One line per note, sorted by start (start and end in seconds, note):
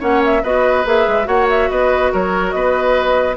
0.00 0.43 A#3
0.00 0.42 C#4
0.00 0.43 C#5
0.00 0.24 F#5
0.25 0.45 E5
0.43 0.85 B3
0.43 0.85 F#4
0.43 1.28 B4
0.43 0.87 D#5
0.85 1.06 A#3
0.85 1.25 G#4
0.85 1.27 E5
1.08 1.27 G#3
1.25 1.70 A#3
1.25 3.36 F#4
1.25 1.70 C#5
1.25 1.48 F#5
1.50 1.71 E5
1.70 2.13 B3
1.70 2.13 B4
1.70 2.13 D#5
2.13 2.54 F#3
2.13 2.55 A#4
2.13 2.51 C#5
2.51 3.37 B3
2.51 3.37 B4
2.51 3.36 D#5